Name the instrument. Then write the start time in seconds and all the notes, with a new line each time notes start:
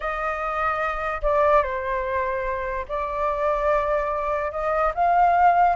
flute
0.00 D#5
1.22 D5
1.63 C5
2.88 D5
4.51 D#5
4.94 F5